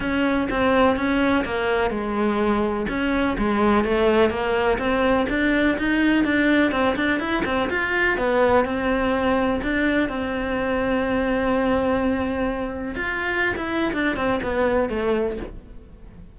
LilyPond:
\new Staff \with { instrumentName = "cello" } { \time 4/4 \tempo 4 = 125 cis'4 c'4 cis'4 ais4 | gis2 cis'4 gis4 | a4 ais4 c'4 d'4 | dis'4 d'4 c'8 d'8 e'8 c'8 |
f'4 b4 c'2 | d'4 c'2.~ | c'2. f'4~ | f'16 e'8. d'8 c'8 b4 a4 | }